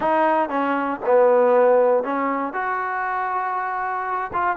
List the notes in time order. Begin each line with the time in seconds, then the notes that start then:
0.00 D#4
0.49 C#4
1.05 B3
2.03 C#4
2.53 F#4
4.33 F4